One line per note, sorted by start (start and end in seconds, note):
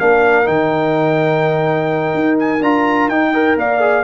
0.00 0.48 A#3
0.00 0.45 D4
0.00 3.32 A#4
0.00 0.47 F5
0.45 2.14 D#3
0.45 2.59 D#4
0.45 2.38 G5
2.14 2.61 D#4
2.40 2.63 G#5
2.61 3.08 D4
2.61 3.11 F4
2.61 3.09 A#5
3.08 3.56 D#4
3.08 3.34 D#4
3.08 3.57 G5
3.32 3.81 A#4
3.32 3.56 D#5
3.57 4.04 A#3
3.57 4.04 D5
3.57 4.04 F5
3.81 4.04 G#4